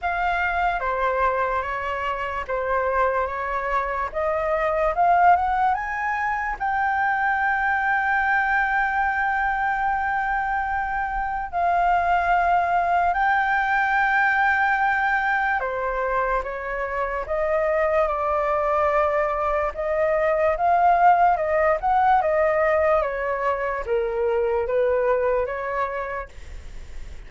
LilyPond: \new Staff \with { instrumentName = "flute" } { \time 4/4 \tempo 4 = 73 f''4 c''4 cis''4 c''4 | cis''4 dis''4 f''8 fis''8 gis''4 | g''1~ | g''2 f''2 |
g''2. c''4 | cis''4 dis''4 d''2 | dis''4 f''4 dis''8 fis''8 dis''4 | cis''4 ais'4 b'4 cis''4 | }